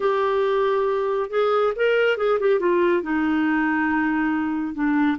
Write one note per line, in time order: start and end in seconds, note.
0.00 1.29 G4
1.29 1.73 G#4
1.76 2.17 A#4
2.17 2.39 G#4
2.39 2.59 G4
2.59 3.02 F4
3.02 4.74 D#4
4.74 5.17 D4